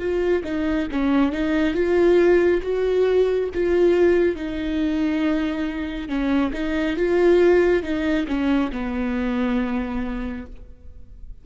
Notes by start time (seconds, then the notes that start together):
0.00 F4
0.45 D#4
0.92 C#4
1.32 D#4
1.74 F4
2.63 F#4
3.55 F4
4.36 D#4
6.09 C#4
6.53 D#4
6.97 F4
7.83 D#4
8.28 C#4
8.73 B3